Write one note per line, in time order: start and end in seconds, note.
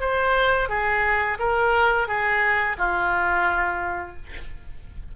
0.00 0.69 C5
0.69 1.38 G#4
1.39 2.08 A#4
2.08 2.76 G#4
2.78 4.16 F4